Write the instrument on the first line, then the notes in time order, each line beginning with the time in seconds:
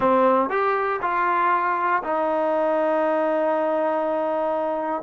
trombone
0.00 C4
0.49 G4
1.02 F4
2.03 D#4